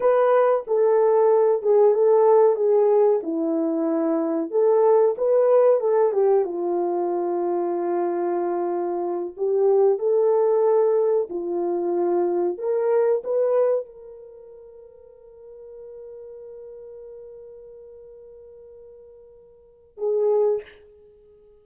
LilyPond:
\new Staff \with { instrumentName = "horn" } { \time 4/4 \tempo 4 = 93 b'4 a'4. gis'8 a'4 | gis'4 e'2 a'4 | b'4 a'8 g'8 f'2~ | f'2~ f'8 g'4 a'8~ |
a'4. f'2 ais'8~ | ais'8 b'4 ais'2~ ais'8~ | ais'1~ | ais'2. gis'4 | }